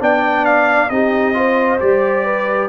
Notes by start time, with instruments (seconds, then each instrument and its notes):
0.00 tuba B3, trombone D4, horn D5, trumpet G5
0.46 trumpet F5
0.90 tuba C4, trombone D#4, horn G4, trumpet D#5
1.34 trombone F4, horn C5
1.79 tuba G3, trombone G4, trumpet D5
2.25 horn B4